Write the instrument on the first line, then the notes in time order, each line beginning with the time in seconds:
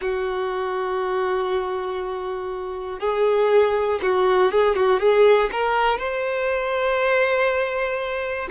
violin
0.01 F#4
3.00 G#4
4.02 F#4
4.51 G#4
4.75 F#4
5.00 G#4
5.51 A#4
5.98 C5